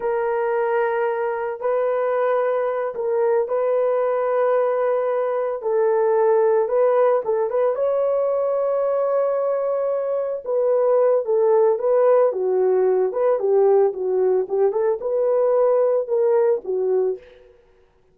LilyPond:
\new Staff \with { instrumentName = "horn" } { \time 4/4 \tempo 4 = 112 ais'2. b'4~ | b'4. ais'4 b'4.~ | b'2~ b'8 a'4.~ | a'8 b'4 a'8 b'8 cis''4.~ |
cis''2.~ cis''8 b'8~ | b'4 a'4 b'4 fis'4~ | fis'8 b'8 g'4 fis'4 g'8 a'8 | b'2 ais'4 fis'4 | }